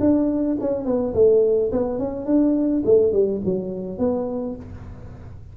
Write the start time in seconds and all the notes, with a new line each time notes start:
0.00 D4
0.60 C#4
0.85 B3
1.14 A3
1.72 B3
1.98 C#4
2.26 D4
2.85 A3
3.12 G3
3.45 F#3
3.98 B3